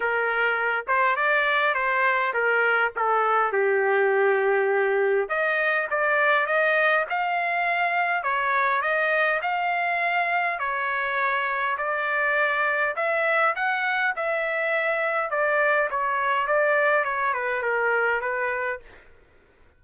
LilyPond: \new Staff \with { instrumentName = "trumpet" } { \time 4/4 \tempo 4 = 102 ais'4. c''8 d''4 c''4 | ais'4 a'4 g'2~ | g'4 dis''4 d''4 dis''4 | f''2 cis''4 dis''4 |
f''2 cis''2 | d''2 e''4 fis''4 | e''2 d''4 cis''4 | d''4 cis''8 b'8 ais'4 b'4 | }